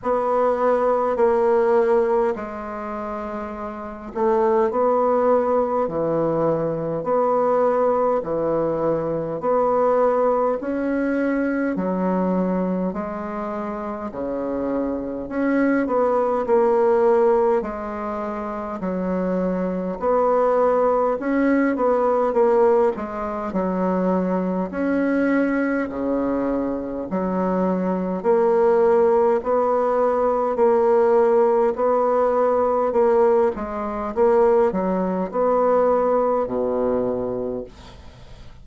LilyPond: \new Staff \with { instrumentName = "bassoon" } { \time 4/4 \tempo 4 = 51 b4 ais4 gis4. a8 | b4 e4 b4 e4 | b4 cis'4 fis4 gis4 | cis4 cis'8 b8 ais4 gis4 |
fis4 b4 cis'8 b8 ais8 gis8 | fis4 cis'4 cis4 fis4 | ais4 b4 ais4 b4 | ais8 gis8 ais8 fis8 b4 b,4 | }